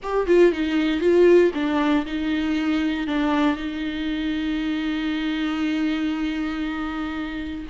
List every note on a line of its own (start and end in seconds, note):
0.02 0.27 G4
0.27 0.52 F4
0.52 1.00 D#4
1.00 1.51 F4
1.54 2.05 D4
2.06 3.07 D#4
3.07 3.56 D4
3.56 7.66 D#4